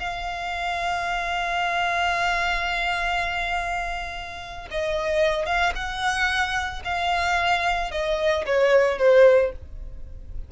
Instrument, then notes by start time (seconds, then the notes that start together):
violin
0.00 F5
4.71 D#5
5.46 F5
5.76 F#5
6.85 F5
7.92 D#5
8.46 C#5
8.99 C5